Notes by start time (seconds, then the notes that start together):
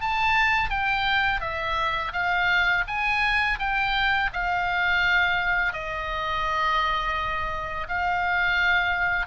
0.00 A5
0.69 G5
1.40 E5
2.12 F5
2.87 G#5
3.59 G5
4.33 F5
5.73 D#5
7.88 F5